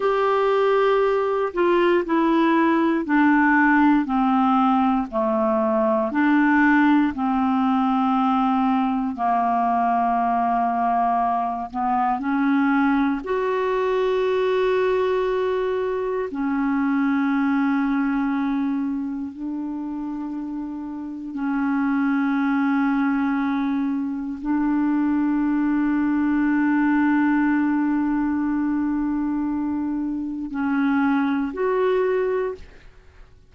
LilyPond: \new Staff \with { instrumentName = "clarinet" } { \time 4/4 \tempo 4 = 59 g'4. f'8 e'4 d'4 | c'4 a4 d'4 c'4~ | c'4 ais2~ ais8 b8 | cis'4 fis'2. |
cis'2. d'4~ | d'4 cis'2. | d'1~ | d'2 cis'4 fis'4 | }